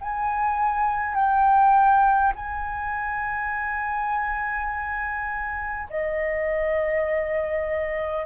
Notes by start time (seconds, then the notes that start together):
0.00 G#5
1.14 G5
2.35 G#5
5.90 D#5